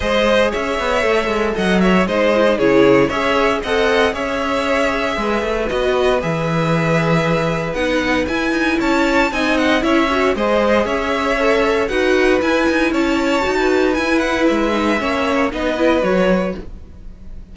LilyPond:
<<
  \new Staff \with { instrumentName = "violin" } { \time 4/4 \tempo 4 = 116 dis''4 e''2 fis''8 e''8 | dis''4 cis''4 e''4 fis''4 | e''2. dis''4 | e''2. fis''4 |
gis''4 a''4 gis''8 fis''8 e''4 | dis''4 e''2 fis''4 | gis''4 a''2 gis''8 fis''8 | e''2 dis''4 cis''4 | }
  \new Staff \with { instrumentName = "violin" } { \time 4/4 c''4 cis''2 dis''8 cis''8 | c''4 gis'4 cis''4 dis''4 | cis''2 b'2~ | b'1~ |
b'4 cis''4 dis''4 cis''4 | c''4 cis''2 b'4~ | b'4 cis''4~ cis''16 b'4.~ b'16~ | b'4 cis''4 b'2 | }
  \new Staff \with { instrumentName = "viola" } { \time 4/4 gis'2 a'2 | dis'8 e'16 dis'16 e'4 gis'4 a'4 | gis'2. fis'4 | gis'2. dis'4 |
e'2 dis'4 e'8 fis'8 | gis'2 a'4 fis'4 | e'2 fis'4 e'4~ | e'8 dis'8 cis'4 dis'8 e'8 fis'4 | }
  \new Staff \with { instrumentName = "cello" } { \time 4/4 gis4 cis'8 b8 a8 gis8 fis4 | gis4 cis4 cis'4 c'4 | cis'2 gis8 a8 b4 | e2. b4 |
e'8 dis'8 cis'4 c'4 cis'4 | gis4 cis'2 dis'4 | e'8 dis'8 cis'4 dis'4 e'4 | gis4 ais4 b4 fis4 | }
>>